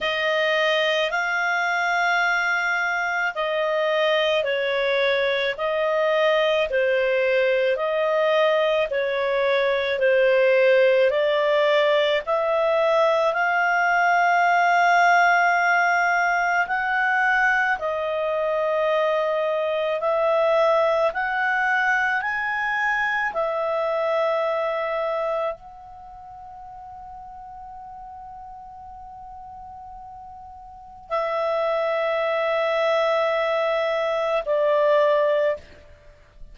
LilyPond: \new Staff \with { instrumentName = "clarinet" } { \time 4/4 \tempo 4 = 54 dis''4 f''2 dis''4 | cis''4 dis''4 c''4 dis''4 | cis''4 c''4 d''4 e''4 | f''2. fis''4 |
dis''2 e''4 fis''4 | gis''4 e''2 fis''4~ | fis''1 | e''2. d''4 | }